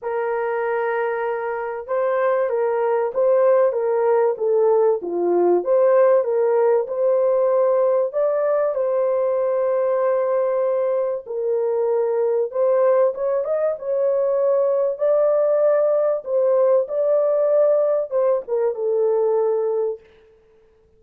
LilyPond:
\new Staff \with { instrumentName = "horn" } { \time 4/4 \tempo 4 = 96 ais'2. c''4 | ais'4 c''4 ais'4 a'4 | f'4 c''4 ais'4 c''4~ | c''4 d''4 c''2~ |
c''2 ais'2 | c''4 cis''8 dis''8 cis''2 | d''2 c''4 d''4~ | d''4 c''8 ais'8 a'2 | }